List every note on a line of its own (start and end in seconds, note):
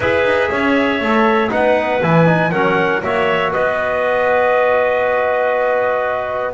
0.00 0.24 E4
0.00 1.02 G#4
0.00 0.50 B4
0.00 1.51 E5
0.24 0.49 D#4
0.51 1.00 C#4
0.51 1.51 C#5
1.00 1.51 A3
1.00 1.49 A4
1.49 2.02 B3
1.49 1.99 D#4
1.49 2.51 B4
1.49 2.01 F#5
2.02 2.52 E3
2.02 2.26 E4
2.02 2.51 G#5
2.26 2.51 D#4
2.51 3.02 F#3
2.51 3.02 C#4
2.51 3.01 A#4
2.51 3.01 F#5
3.02 3.53 A#3
3.02 6.53 F#4
3.02 3.51 C#5
3.02 3.53 E5
3.51 6.53 B3
3.51 6.53 B4
3.51 6.53 D#5